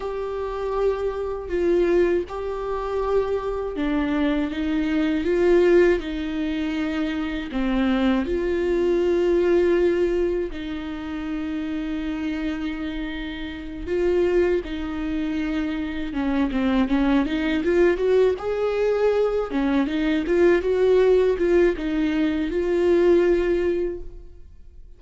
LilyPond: \new Staff \with { instrumentName = "viola" } { \time 4/4 \tempo 4 = 80 g'2 f'4 g'4~ | g'4 d'4 dis'4 f'4 | dis'2 c'4 f'4~ | f'2 dis'2~ |
dis'2~ dis'8 f'4 dis'8~ | dis'4. cis'8 c'8 cis'8 dis'8 f'8 | fis'8 gis'4. cis'8 dis'8 f'8 fis'8~ | fis'8 f'8 dis'4 f'2 | }